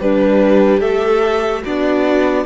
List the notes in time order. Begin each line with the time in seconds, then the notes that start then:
0.00 G3 D4 G4 B4
0.80 A3 A4 E5
1.62 B3 D4 F#4 D5